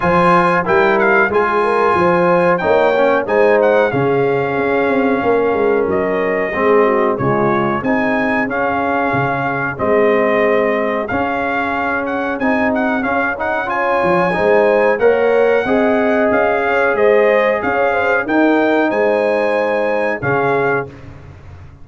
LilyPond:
<<
  \new Staff \with { instrumentName = "trumpet" } { \time 4/4 \tempo 4 = 92 gis''4 g''8 f''8 gis''2 | g''4 gis''8 fis''8 f''2~ | f''4 dis''2 cis''4 | gis''4 f''2 dis''4~ |
dis''4 f''4. fis''8 gis''8 fis''8 | f''8 fis''8 gis''2 fis''4~ | fis''4 f''4 dis''4 f''4 | g''4 gis''2 f''4 | }
  \new Staff \with { instrumentName = "horn" } { \time 4/4 c''4 ais'4 gis'8 ais'8 c''4 | cis''4 c''4 gis'2 | ais'2 gis'8 fis'8 f'4 | gis'1~ |
gis'1~ | gis'4 cis''4 c''4 cis''4 | dis''4. cis''8 c''4 cis''8 c''8 | ais'4 c''2 gis'4 | }
  \new Staff \with { instrumentName = "trombone" } { \time 4/4 f'4 e'4 f'2 | dis'8 cis'8 dis'4 cis'2~ | cis'2 c'4 gis4 | dis'4 cis'2 c'4~ |
c'4 cis'2 dis'4 | cis'8 dis'8 f'4 dis'4 ais'4 | gis'1 | dis'2. cis'4 | }
  \new Staff \with { instrumentName = "tuba" } { \time 4/4 f4 g4 gis4 f4 | ais4 gis4 cis4 cis'8 c'8 | ais8 gis8 fis4 gis4 cis4 | c'4 cis'4 cis4 gis4~ |
gis4 cis'2 c'4 | cis'4. f8 gis4 ais4 | c'4 cis'4 gis4 cis'4 | dis'4 gis2 cis4 | }
>>